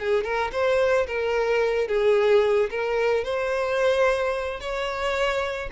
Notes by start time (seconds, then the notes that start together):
0.00 G#4
0.24 A#4
0.53 C5
1.07 A#4
1.88 G#4
2.71 A#4
3.25 C5
4.60 C#5